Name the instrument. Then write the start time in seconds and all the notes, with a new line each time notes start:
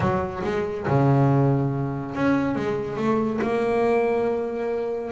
double bass
0.00 F#3
0.43 G#3
0.87 C#3
2.15 C#4
2.55 G#3
2.97 A3
3.41 A#3